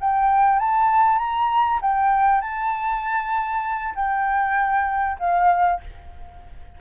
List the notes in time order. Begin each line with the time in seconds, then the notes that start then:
0.00 G5
0.59 A5
1.18 A#5
1.81 G5
2.41 A5
3.95 G5
5.19 F5